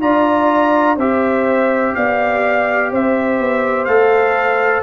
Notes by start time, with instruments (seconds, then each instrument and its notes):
0.00 tuba D4, trombone F4, horn D5, trumpet A#5
0.96 tuba C4, trombone G4, horn C5, trumpet E5
1.95 tuba B3, horn D5, trumpet F5
2.91 tuba C4, horn C5, trumpet E5
3.39 tuba B3
3.85 tuba A3, trombone A4, trumpet F5